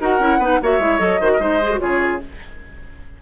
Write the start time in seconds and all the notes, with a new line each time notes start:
0.00 D#4 F#4 A#4 F#5
0.19 C#4 E4
0.38 B3 D#4 B4
0.61 A#3 F#4 C#5 E5
0.78 G#3 E4
0.99 F#3 A4 D#5
1.20 D#3 F#4 C5
1.33 G#3 D#4 A#4
1.40 C5
1.62 G#4
1.71 F#4
1.78 C#3 F4 G#4 C#5